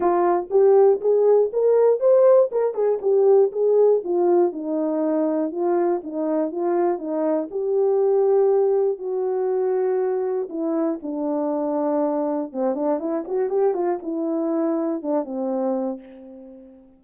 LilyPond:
\new Staff \with { instrumentName = "horn" } { \time 4/4 \tempo 4 = 120 f'4 g'4 gis'4 ais'4 | c''4 ais'8 gis'8 g'4 gis'4 | f'4 dis'2 f'4 | dis'4 f'4 dis'4 g'4~ |
g'2 fis'2~ | fis'4 e'4 d'2~ | d'4 c'8 d'8 e'8 fis'8 g'8 f'8 | e'2 d'8 c'4. | }